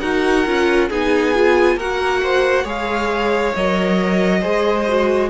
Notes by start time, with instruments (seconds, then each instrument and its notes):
0.00 cello D#4, viola F#4, violin A#4 F#5
0.46 cello C#4, viola F4
0.89 cello B3, viola D#4, violin G#4 G#5
1.35 viola F4
1.76 cello A#3, viola F#4, violin A#4 F#5
2.23 violin C5
2.64 cello G#3, viola G#4, violin C#5 F5
3.56 cello F#3, viola A#4, violin D#5
4.41 cello G#3, viola G#4, violin C5
4.88 viola F#4